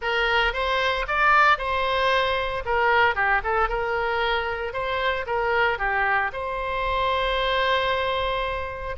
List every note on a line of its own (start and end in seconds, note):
0.01 0.53 A#4
0.53 1.06 C5
1.07 1.58 D5
1.58 2.63 C5
2.65 3.15 A#4
3.15 3.41 G4
3.43 3.68 A4
3.68 4.73 A#4
4.73 5.25 C5
5.26 5.78 A#4
5.78 6.31 G4
6.33 8.96 C5